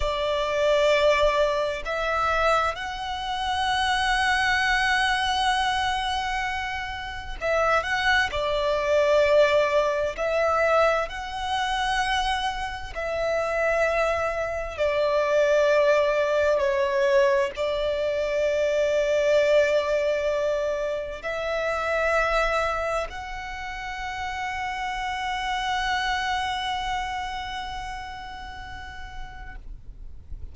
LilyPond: \new Staff \with { instrumentName = "violin" } { \time 4/4 \tempo 4 = 65 d''2 e''4 fis''4~ | fis''1 | e''8 fis''8 d''2 e''4 | fis''2 e''2 |
d''2 cis''4 d''4~ | d''2. e''4~ | e''4 fis''2.~ | fis''1 | }